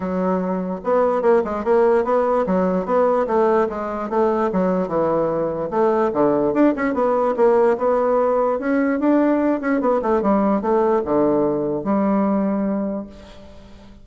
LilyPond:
\new Staff \with { instrumentName = "bassoon" } { \time 4/4 \tempo 4 = 147 fis2 b4 ais8 gis8 | ais4 b4 fis4 b4 | a4 gis4 a4 fis4 | e2 a4 d4 |
d'8 cis'8 b4 ais4 b4~ | b4 cis'4 d'4. cis'8 | b8 a8 g4 a4 d4~ | d4 g2. | }